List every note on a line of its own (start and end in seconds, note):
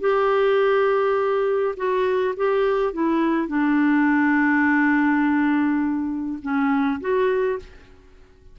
0.00 1.75 G4
1.76 2.35 F#4
2.36 2.93 G4
2.93 3.47 E4
3.47 6.39 D4
6.42 7.00 C#4
7.01 7.59 F#4